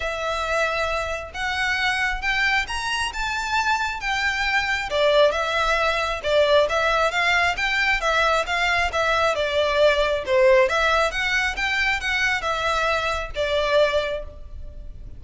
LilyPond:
\new Staff \with { instrumentName = "violin" } { \time 4/4 \tempo 4 = 135 e''2. fis''4~ | fis''4 g''4 ais''4 a''4~ | a''4 g''2 d''4 | e''2 d''4 e''4 |
f''4 g''4 e''4 f''4 | e''4 d''2 c''4 | e''4 fis''4 g''4 fis''4 | e''2 d''2 | }